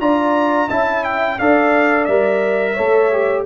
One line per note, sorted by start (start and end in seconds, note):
0.00 0.69 D4
0.00 0.69 F4
0.00 0.70 D5
0.00 0.70 A#5
0.70 1.40 C#4
0.70 1.40 E4
0.70 1.39 E5
0.70 1.04 A5
1.04 1.39 G5
1.39 2.08 D4
1.39 2.09 A4
1.39 2.74 D5
1.39 2.05 F5
2.05 2.77 G3
2.05 2.78 A#4
2.05 3.43 E5
2.74 3.47 A3
2.74 3.12 A4
2.74 3.43 C#5
3.12 3.47 G4